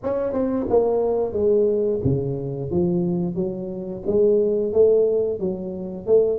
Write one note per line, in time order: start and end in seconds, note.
0.03 0.32 C#4
0.32 0.66 C4
0.69 1.32 A#3
1.32 2.00 G#3
2.03 2.70 C#3
2.70 3.35 F3
3.35 4.02 F#3
4.06 4.72 G#3
4.72 5.39 A3
5.39 6.06 F#3
6.06 6.39 A3